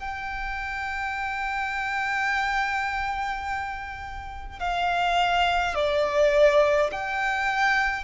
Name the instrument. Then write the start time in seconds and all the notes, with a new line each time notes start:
violin
0.00 G5
4.59 F5
5.75 D5
6.92 G5